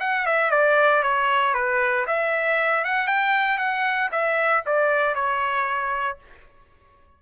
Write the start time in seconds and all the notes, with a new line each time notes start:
0.00 F#5
0.26 E5
0.51 D5
1.03 C#5
1.54 B4
2.07 E5
2.84 F#5
3.07 G5
3.58 F#5
4.12 E5
4.66 D5
5.15 C#5